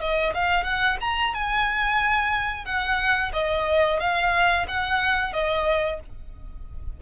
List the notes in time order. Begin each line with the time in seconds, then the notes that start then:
0.00 D#5
0.34 F5
0.64 F#5
1.01 A#5
1.34 G#5
2.65 F#5
3.33 D#5
3.99 F5
4.68 F#5
5.33 D#5